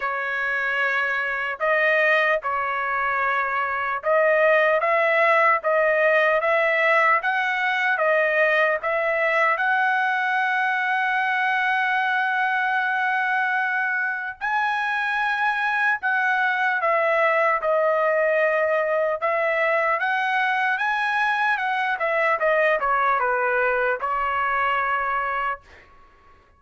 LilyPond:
\new Staff \with { instrumentName = "trumpet" } { \time 4/4 \tempo 4 = 75 cis''2 dis''4 cis''4~ | cis''4 dis''4 e''4 dis''4 | e''4 fis''4 dis''4 e''4 | fis''1~ |
fis''2 gis''2 | fis''4 e''4 dis''2 | e''4 fis''4 gis''4 fis''8 e''8 | dis''8 cis''8 b'4 cis''2 | }